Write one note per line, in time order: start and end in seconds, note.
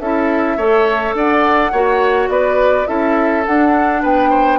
0.00 0.57 C#4
0.00 0.59 E4
0.00 0.57 A4
0.00 1.16 E5
0.57 1.14 A3
0.57 1.74 A4
0.57 1.15 C#5
1.14 1.72 D4
1.14 1.72 D5
1.14 2.30 F#5
1.72 2.28 A#3
1.72 2.86 F#4
1.72 2.30 C#5
2.28 2.86 B3
2.28 2.88 B4
2.28 2.87 D5
2.86 3.47 C#4
2.86 3.44 E4
2.86 4.02 A4
2.86 3.45 E5
3.46 4.59 D4
3.46 4.04 D4
3.46 4.03 F#5
4.02 4.59 B3
4.02 4.30 B4
4.02 4.59 G5
4.30 4.59 C5